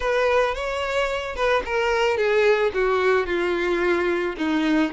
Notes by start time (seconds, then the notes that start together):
0.00 B4
0.55 C#5
1.35 B4
1.65 A#4
2.17 G#4
2.73 F#4
3.26 F4
4.37 D#4